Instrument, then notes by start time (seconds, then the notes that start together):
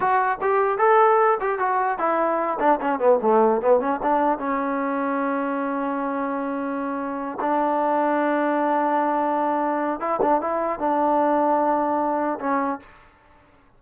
trombone
0.00 F#4
0.41 G4
0.78 A4
1.40 G4
1.59 F#4
1.98 E4
2.59 D4
2.81 C#4
2.99 B3
3.22 A3
3.61 B3
3.80 C#4
4.02 D4
4.38 C#4
7.41 D4
10.00 E4
10.21 D4
10.41 E4
10.79 D4
12.39 C#4